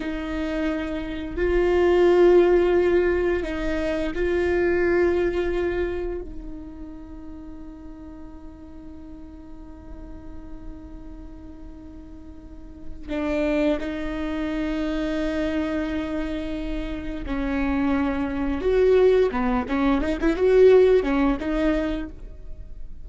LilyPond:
\new Staff \with { instrumentName = "viola" } { \time 4/4 \tempo 4 = 87 dis'2 f'2~ | f'4 dis'4 f'2~ | f'4 dis'2.~ | dis'1~ |
dis'2. d'4 | dis'1~ | dis'4 cis'2 fis'4 | b8 cis'8 dis'16 e'16 fis'4 cis'8 dis'4 | }